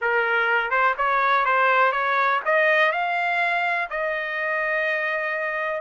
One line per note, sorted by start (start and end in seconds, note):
0.01 0.70 A#4
0.70 0.94 C5
0.97 1.45 C#5
1.45 1.92 C5
1.92 2.40 C#5
2.45 2.91 D#5
2.91 3.88 F5
3.90 5.81 D#5